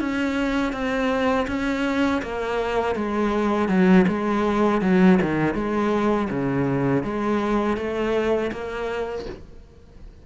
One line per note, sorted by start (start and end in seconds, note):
0.00 0.73 C#4
0.73 1.47 C4
1.48 2.22 C#4
2.23 2.96 A#3
2.96 3.69 G#3
3.69 4.06 F#3
4.08 4.81 G#3
4.81 5.19 F#3
5.22 5.54 D#3
5.54 6.28 G#3
6.30 7.04 C#3
7.04 7.77 G#3
7.77 8.51 A3
8.52 9.26 A#3